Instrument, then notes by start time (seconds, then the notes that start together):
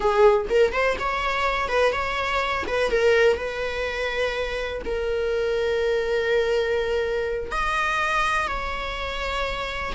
viola
0.00 G#4
0.49 A#4
0.72 C5
0.99 C#5
1.68 B4
1.92 C#5
2.67 B4
2.90 A#4
3.36 B4
4.85 A#4
7.51 D#5
8.47 C#5